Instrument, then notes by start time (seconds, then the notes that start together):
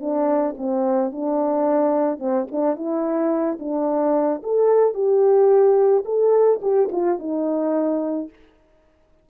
horn
0.00 D4
0.57 C4
1.12 D4
2.19 C4
2.51 D4
2.75 E4
3.59 D4
4.43 A4
4.94 G4
6.05 A4
6.62 G4
6.92 F4
7.19 D#4